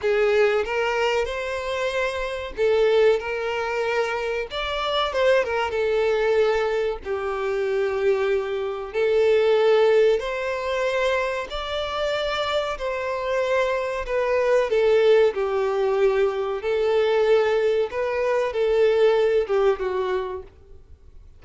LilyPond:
\new Staff \with { instrumentName = "violin" } { \time 4/4 \tempo 4 = 94 gis'4 ais'4 c''2 | a'4 ais'2 d''4 | c''8 ais'8 a'2 g'4~ | g'2 a'2 |
c''2 d''2 | c''2 b'4 a'4 | g'2 a'2 | b'4 a'4. g'8 fis'4 | }